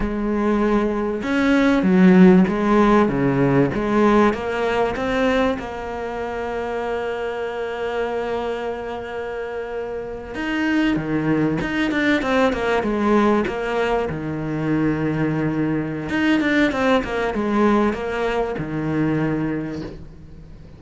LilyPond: \new Staff \with { instrumentName = "cello" } { \time 4/4 \tempo 4 = 97 gis2 cis'4 fis4 | gis4 cis4 gis4 ais4 | c'4 ais2.~ | ais1~ |
ais8. dis'4 dis4 dis'8 d'8 c'16~ | c'16 ais8 gis4 ais4 dis4~ dis16~ | dis2 dis'8 d'8 c'8 ais8 | gis4 ais4 dis2 | }